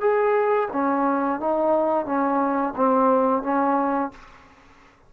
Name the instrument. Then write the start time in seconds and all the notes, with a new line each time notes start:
trombone
0.00 G#4
0.72 C#4
1.39 D#4
2.05 C#4
2.76 C4
3.42 C#4